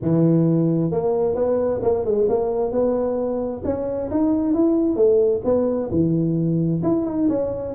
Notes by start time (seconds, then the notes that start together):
0.01 E3
0.91 A#3
1.35 B3
1.82 A#3
2.05 G#3
2.29 A#3
2.71 B3
3.64 C#4
4.10 D#4
4.54 E4
4.95 A3
5.44 B3
5.90 E3
6.82 E4
7.05 D#4
7.29 C#4